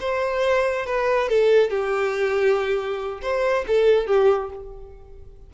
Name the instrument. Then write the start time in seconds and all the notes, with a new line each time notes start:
violin
0.00 C5
0.86 B4
1.29 A4
1.70 G4
3.22 C5
3.67 A4
4.07 G4